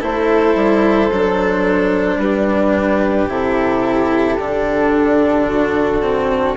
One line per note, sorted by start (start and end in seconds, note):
0.00 0.56 A3
0.00 1.10 E4
0.00 2.18 A4
0.00 2.20 C5
0.56 1.10 G3
1.11 2.17 F#3
1.11 3.30 D4
2.17 3.26 G3
2.17 5.48 G4
2.17 3.29 B4
3.28 4.37 C3
3.28 4.39 E4
3.28 6.57 A4
4.39 6.57 D3
4.39 6.02 D4
5.48 6.57 F#4
6.02 6.57 C4